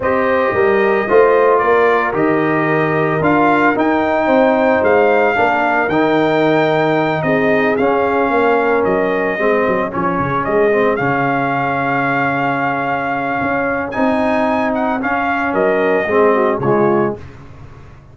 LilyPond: <<
  \new Staff \with { instrumentName = "trumpet" } { \time 4/4 \tempo 4 = 112 dis''2. d''4 | dis''2 f''4 g''4~ | g''4 f''2 g''4~ | g''4. dis''4 f''4.~ |
f''8 dis''2 cis''4 dis''8~ | dis''8 f''2.~ f''8~ | f''2 gis''4. fis''8 | f''4 dis''2 cis''4 | }
  \new Staff \with { instrumentName = "horn" } { \time 4/4 c''4 ais'4 c''4 ais'4~ | ais'1 | c''2 ais'2~ | ais'4. gis'2 ais'8~ |
ais'4. gis'2~ gis'8~ | gis'1~ | gis'1~ | gis'4 ais'4 gis'8 fis'8 f'4 | }
  \new Staff \with { instrumentName = "trombone" } { \time 4/4 g'2 f'2 | g'2 f'4 dis'4~ | dis'2 d'4 dis'4~ | dis'2~ dis'8 cis'4.~ |
cis'4. c'4 cis'4. | c'8 cis'2.~ cis'8~ | cis'2 dis'2 | cis'2 c'4 gis4 | }
  \new Staff \with { instrumentName = "tuba" } { \time 4/4 c'4 g4 a4 ais4 | dis2 d'4 dis'4 | c'4 gis4 ais4 dis4~ | dis4. c'4 cis'4 ais8~ |
ais8 fis4 gis8 fis8 f8 cis8 gis8~ | gis8 cis2.~ cis8~ | cis4 cis'4 c'2 | cis'4 fis4 gis4 cis4 | }
>>